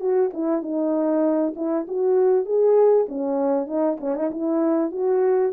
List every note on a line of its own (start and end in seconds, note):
0.00 0.31 F#4
0.33 0.62 E4
0.62 1.54 D#4
1.56 1.86 E4
1.88 2.45 F#4
2.45 3.06 G#4
3.08 3.67 C#4
3.67 3.97 D#4
4.00 4.15 C#4
4.15 4.31 D#4
4.31 4.91 E4
4.91 5.52 F#4